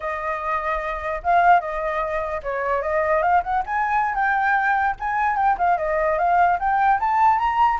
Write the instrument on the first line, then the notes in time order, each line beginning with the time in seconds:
flute
0.00 D#5
1.23 F5
1.60 D#5
2.42 C#5
2.82 D#5
3.22 F5
3.43 F#5
3.65 G#5
4.14 G5
4.99 G#5
5.36 G5
5.57 F5
5.77 D#5
6.18 F5
6.59 G5
7.00 A5
7.38 A#5